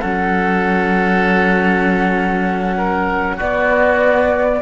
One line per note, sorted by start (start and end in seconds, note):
0.00 3.38 F#3
0.00 3.38 C#4
0.00 2.76 A4
0.00 3.38 F#5
2.78 3.36 A#4
3.36 4.61 B3
3.36 4.62 B3
3.36 4.59 F#4
3.36 4.62 D5